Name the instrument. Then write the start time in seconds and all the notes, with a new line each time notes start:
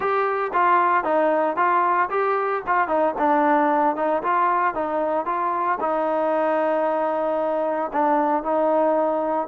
trombone
0.00 G4
0.53 F4
1.04 D#4
1.56 F4
2.10 G4
2.66 F4
2.88 D#4
3.18 D4
3.95 D#4
4.22 F4
4.74 D#4
5.25 F4
5.80 D#4
7.92 D4
8.43 D#4